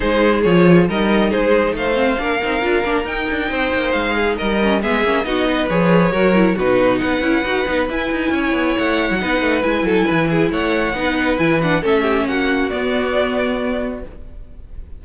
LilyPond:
<<
  \new Staff \with { instrumentName = "violin" } { \time 4/4 \tempo 4 = 137 c''4 cis''4 dis''4 c''4 | f''2. g''4~ | g''4 f''4 dis''4 e''4 | dis''4 cis''2 b'4 |
fis''2 gis''2 | fis''2 gis''2 | fis''2 gis''8 fis''8 e''4 | fis''4 d''2. | }
  \new Staff \with { instrumentName = "violin" } { \time 4/4 gis'2 ais'4 gis'4 | c''4 ais'2. | c''4. gis'8 ais'4 gis'4 | fis'8 b'4. ais'4 fis'4 |
b'2. cis''4~ | cis''4 b'4. a'8 b'8 gis'8 | cis''4 b'2 a'8 g'8 | fis'1 | }
  \new Staff \with { instrumentName = "viola" } { \time 4/4 dis'4 f'4 dis'2~ | dis'8 c'8 d'8 dis'8 f'8 d'8 dis'4~ | dis'2~ dis'8 cis'8 b8 cis'8 | dis'4 gis'4 fis'8 e'8 dis'4~ |
dis'8 e'8 fis'8 dis'8 e'2~ | e'4 dis'4 e'2~ | e'4 dis'4 e'8 d'8 cis'4~ | cis'4 b2. | }
  \new Staff \with { instrumentName = "cello" } { \time 4/4 gis4 f4 g4 gis4 | a4 ais8 c'8 d'8 ais8 dis'8 d'8 | c'8 ais8 gis4 g4 gis8 ais8 | b4 f4 fis4 b,4 |
b8 cis'8 dis'8 b8 e'8 dis'8 cis'8 b8 | a8. fis16 b8 a8 gis8 fis8 e4 | a4 b4 e4 a4 | ais4 b2. | }
>>